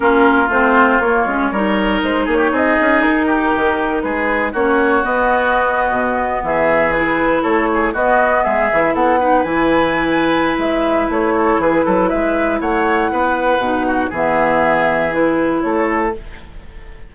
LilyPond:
<<
  \new Staff \with { instrumentName = "flute" } { \time 4/4 \tempo 4 = 119 ais'4 c''4 cis''2 | c''8 cis''8 dis''4 ais'2 | b'4 cis''4 dis''2~ | dis''8. e''4 b'4 cis''4 dis''16~ |
dis''8. e''4 fis''4 gis''4~ gis''16~ | gis''4 e''4 cis''4 b'4 | e''4 fis''2. | e''2 b'4 cis''4 | }
  \new Staff \with { instrumentName = "oboe" } { \time 4/4 f'2. ais'4~ | ais'8 gis'16 g'16 gis'4. g'4. | gis'4 fis'2.~ | fis'8. gis'2 a'8 gis'8 fis'16~ |
fis'8. gis'4 a'8 b'4.~ b'16~ | b'2~ b'8 a'8 gis'8 a'8 | b'4 cis''4 b'4. fis'8 | gis'2. a'4 | }
  \new Staff \with { instrumentName = "clarinet" } { \time 4/4 cis'4 c'4 ais8 cis'8 dis'4~ | dis'1~ | dis'4 cis'4 b2~ | b4.~ b16 e'2 b16~ |
b4~ b16 e'4 dis'8 e'4~ e'16~ | e'1~ | e'2. dis'4 | b2 e'2 | }
  \new Staff \with { instrumentName = "bassoon" } { \time 4/4 ais4 a4 ais8 gis8 g4 | gis8 ais8 c'8 cis'8 dis'4 dis4 | gis4 ais4 b4.~ b16 b,16~ | b,8. e2 a4 b16~ |
b8. gis8 e8 b4 e4~ e16~ | e4 gis4 a4 e8 fis8 | gis4 a4 b4 b,4 | e2. a4 | }
>>